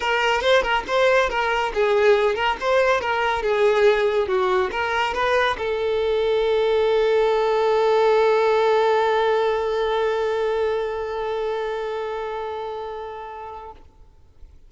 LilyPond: \new Staff \with { instrumentName = "violin" } { \time 4/4 \tempo 4 = 140 ais'4 c''8 ais'8 c''4 ais'4 | gis'4. ais'8 c''4 ais'4 | gis'2 fis'4 ais'4 | b'4 a'2.~ |
a'1~ | a'1~ | a'1~ | a'1 | }